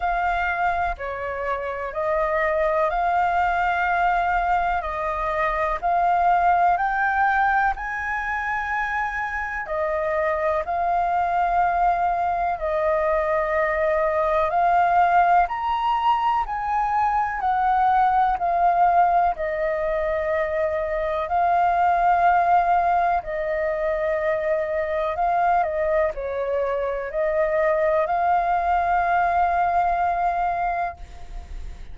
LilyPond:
\new Staff \with { instrumentName = "flute" } { \time 4/4 \tempo 4 = 62 f''4 cis''4 dis''4 f''4~ | f''4 dis''4 f''4 g''4 | gis''2 dis''4 f''4~ | f''4 dis''2 f''4 |
ais''4 gis''4 fis''4 f''4 | dis''2 f''2 | dis''2 f''8 dis''8 cis''4 | dis''4 f''2. | }